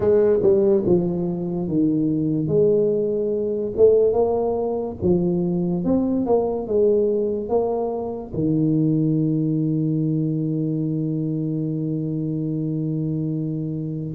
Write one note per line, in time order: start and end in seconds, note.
0.00 0.39 G#3
0.42 0.83 G3
0.86 1.68 F3
1.68 2.47 D#3
2.47 3.72 G#3
3.76 4.12 A3
4.12 4.96 A#3
5.02 5.84 F3
5.84 6.25 C4
6.26 6.67 A#3
6.67 7.48 G#3
7.48 8.32 A#3
8.33 14.14 D#3